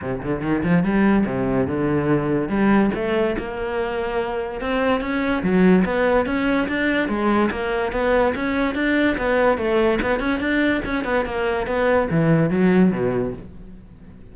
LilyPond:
\new Staff \with { instrumentName = "cello" } { \time 4/4 \tempo 4 = 144 c8 d8 dis8 f8 g4 c4 | d2 g4 a4 | ais2. c'4 | cis'4 fis4 b4 cis'4 |
d'4 gis4 ais4 b4 | cis'4 d'4 b4 a4 | b8 cis'8 d'4 cis'8 b8 ais4 | b4 e4 fis4 b,4 | }